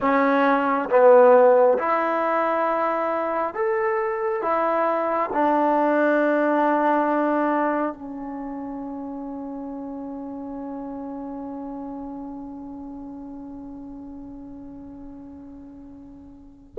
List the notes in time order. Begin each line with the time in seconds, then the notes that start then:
0.00 C#4
0.89 B3
1.78 E4
3.53 A4
4.42 E4
5.33 D4
7.93 C#4